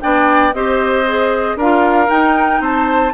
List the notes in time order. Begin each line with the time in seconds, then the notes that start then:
0.00 B3 D4 D5 G5
0.53 C4 G4 C5 D#5
1.06 G#4
1.56 D4 F4 A#4 F5
2.07 D#4 G5
2.60 C4 C5 A5